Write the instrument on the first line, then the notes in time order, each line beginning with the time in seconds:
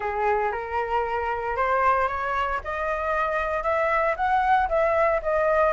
flute
0.00 G#4
0.52 A#4
1.56 C5
2.08 C#5
2.63 D#5
3.63 E5
4.16 F#5
4.68 E5
5.22 D#5